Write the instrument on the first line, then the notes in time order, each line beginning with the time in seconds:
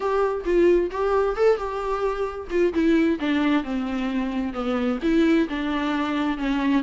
viola
0.00 G4
0.44 F4
0.90 G4
1.36 A4
1.57 G4
2.50 F4
2.73 E4
3.19 D4
3.63 C4
4.53 B3
5.02 E4
5.48 D4
6.37 C#4